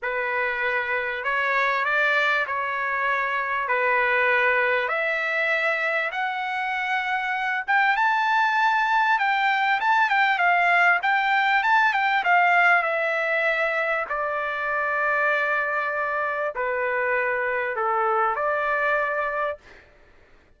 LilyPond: \new Staff \with { instrumentName = "trumpet" } { \time 4/4 \tempo 4 = 98 b'2 cis''4 d''4 | cis''2 b'2 | e''2 fis''2~ | fis''8 g''8 a''2 g''4 |
a''8 g''8 f''4 g''4 a''8 g''8 | f''4 e''2 d''4~ | d''2. b'4~ | b'4 a'4 d''2 | }